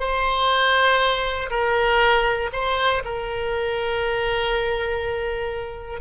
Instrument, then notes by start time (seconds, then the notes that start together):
oboe
0.00 C5
1.50 A#4
2.53 C5
3.05 A#4